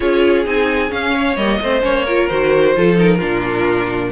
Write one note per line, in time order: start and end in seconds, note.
0.00 0.45 C#4
0.00 0.45 F4
0.00 1.13 G#4
0.00 0.46 C#5
0.45 0.91 C4
0.45 0.89 D#4
0.45 0.91 G#5
0.89 1.35 C#4
0.89 1.36 C#4
0.89 1.36 F5
1.13 1.59 C#5
1.36 1.59 G3
1.36 1.61 A#3
1.36 1.82 D#5
1.60 1.83 A3
1.60 1.81 C4
1.60 2.05 C5
1.81 2.29 A#3
1.81 2.04 C#4
1.81 2.27 C#5
2.05 2.30 F4
2.05 2.74 A#4
2.27 2.76 D#3
2.27 2.75 F#4
2.27 2.96 C5
2.75 3.22 F3
2.75 2.95 F4
2.75 3.18 A4
2.95 3.18 D#4
2.95 4.11 A#4
3.18 4.11 A#2
3.18 4.11 D4
3.18 4.09 F4